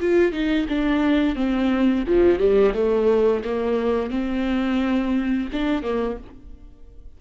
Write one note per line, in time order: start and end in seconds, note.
0.00 0.32 F4
0.32 0.66 D#4
0.68 1.35 D4
1.35 2.04 C4
2.07 2.39 F3
2.39 2.73 G3
2.74 3.43 A3
3.44 4.10 A#3
4.10 5.48 C4
5.52 5.82 D4
5.82 6.17 A#3